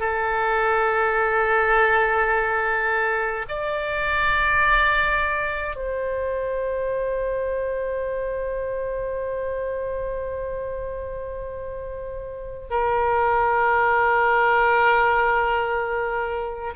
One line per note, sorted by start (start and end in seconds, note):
0.00 3.46 A4
3.49 5.76 D5
5.76 12.68 C5
12.70 16.74 A#4